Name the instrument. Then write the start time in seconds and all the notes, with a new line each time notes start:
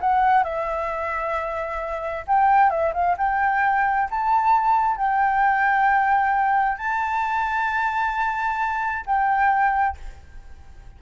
flute
0.00 F#5
0.43 E5
2.27 G5
2.69 E5
2.93 F5
3.17 G5
4.10 A5
4.96 G5
6.77 A5
9.06 G5